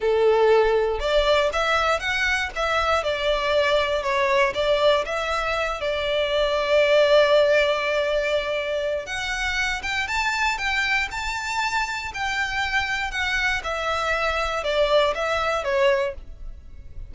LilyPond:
\new Staff \with { instrumentName = "violin" } { \time 4/4 \tempo 4 = 119 a'2 d''4 e''4 | fis''4 e''4 d''2 | cis''4 d''4 e''4. d''8~ | d''1~ |
d''2 fis''4. g''8 | a''4 g''4 a''2 | g''2 fis''4 e''4~ | e''4 d''4 e''4 cis''4 | }